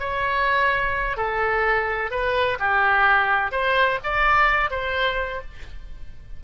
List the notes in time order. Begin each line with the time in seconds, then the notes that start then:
0.00 C#5
1.17 A4
2.11 B4
2.60 G4
3.52 C5
4.04 D5
4.71 C5